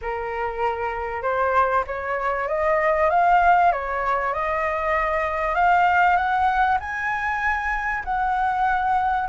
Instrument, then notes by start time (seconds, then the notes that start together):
flute
0.01 A#4
1.22 C5
1.86 C#5
2.47 D#5
3.10 F5
3.72 C#5
4.33 D#5
5.55 F5
6.16 F#5
6.80 G#5
8.04 F#5